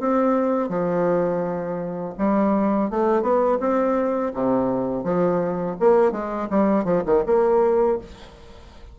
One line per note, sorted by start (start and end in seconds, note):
0.00 0.69 C4
0.69 2.14 F3
2.19 2.90 G3
2.90 3.22 A3
3.22 3.58 B3
3.60 4.33 C4
4.34 5.04 C3
5.04 5.76 F3
5.80 6.12 A#3
6.12 6.48 G#3
6.50 6.85 G3
6.85 7.03 F3
7.06 7.24 D#3
7.26 7.98 A#3